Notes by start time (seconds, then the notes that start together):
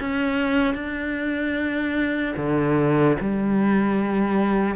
0.00 C#4
0.75 D4
2.37 D3
3.21 G3